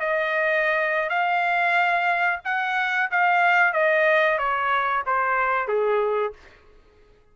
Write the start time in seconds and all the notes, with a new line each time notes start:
0.00 D#5
1.09 F5
2.45 F#5
3.11 F5
3.73 D#5
4.38 C#5
5.06 C5
5.68 G#4